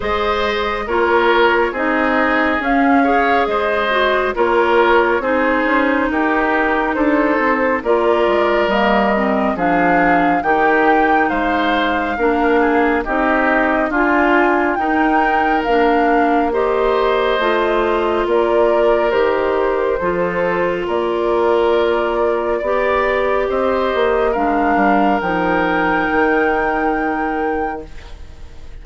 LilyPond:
<<
  \new Staff \with { instrumentName = "flute" } { \time 4/4 \tempo 4 = 69 dis''4 cis''4 dis''4 f''4 | dis''4 cis''4 c''4 ais'4 | c''4 d''4 dis''4 f''4 | g''4 f''2 dis''4 |
gis''4 g''4 f''4 dis''4~ | dis''4 d''4 c''2 | d''2. dis''4 | f''4 g''2. | }
  \new Staff \with { instrumentName = "oboe" } { \time 4/4 c''4 ais'4 gis'4. cis''8 | c''4 ais'4 gis'4 g'4 | a'4 ais'2 gis'4 | g'4 c''4 ais'8 gis'8 g'4 |
f'4 ais'2 c''4~ | c''4 ais'2 a'4 | ais'2 d''4 c''4 | ais'1 | }
  \new Staff \with { instrumentName = "clarinet" } { \time 4/4 gis'4 f'4 dis'4 cis'8 gis'8~ | gis'8 fis'8 f'4 dis'2~ | dis'4 f'4 ais8 c'8 d'4 | dis'2 d'4 dis'4 |
f'4 dis'4 d'4 g'4 | f'2 g'4 f'4~ | f'2 g'2 | d'4 dis'2. | }
  \new Staff \with { instrumentName = "bassoon" } { \time 4/4 gis4 ais4 c'4 cis'4 | gis4 ais4 c'8 cis'8 dis'4 | d'8 c'8 ais8 gis8 g4 f4 | dis4 gis4 ais4 c'4 |
d'4 dis'4 ais2 | a4 ais4 dis4 f4 | ais2 b4 c'8 ais8 | gis8 g8 f4 dis2 | }
>>